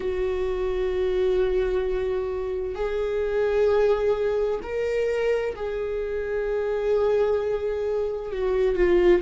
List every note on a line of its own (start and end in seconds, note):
0.00 2.75 F#4
2.75 4.59 G#4
4.62 5.55 A#4
5.56 8.32 G#4
8.32 8.75 F#4
8.75 9.21 F4